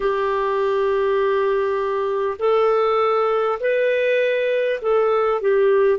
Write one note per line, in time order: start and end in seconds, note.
0.00 2.37 G4
2.38 3.58 A4
3.59 4.79 B4
4.81 5.41 A4
5.41 5.98 G4